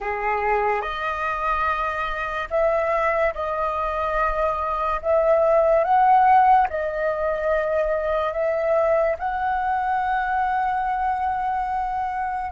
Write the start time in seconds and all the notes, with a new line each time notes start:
0.00 G#4
0.81 D#5
2.50 E5
3.34 D#5
5.02 E5
5.84 F#5
6.69 D#5
8.33 E5
9.18 F#5